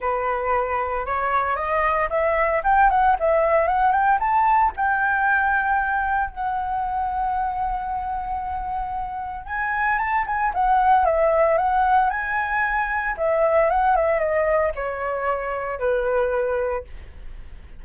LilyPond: \new Staff \with { instrumentName = "flute" } { \time 4/4 \tempo 4 = 114 b'2 cis''4 dis''4 | e''4 g''8 fis''8 e''4 fis''8 g''8 | a''4 g''2. | fis''1~ |
fis''2 gis''4 a''8 gis''8 | fis''4 e''4 fis''4 gis''4~ | gis''4 e''4 fis''8 e''8 dis''4 | cis''2 b'2 | }